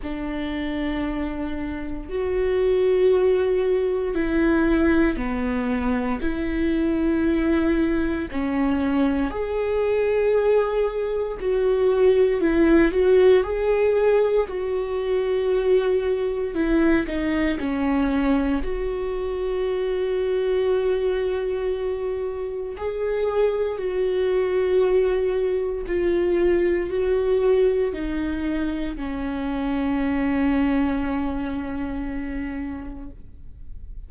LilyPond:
\new Staff \with { instrumentName = "viola" } { \time 4/4 \tempo 4 = 58 d'2 fis'2 | e'4 b4 e'2 | cis'4 gis'2 fis'4 | e'8 fis'8 gis'4 fis'2 |
e'8 dis'8 cis'4 fis'2~ | fis'2 gis'4 fis'4~ | fis'4 f'4 fis'4 dis'4 | cis'1 | }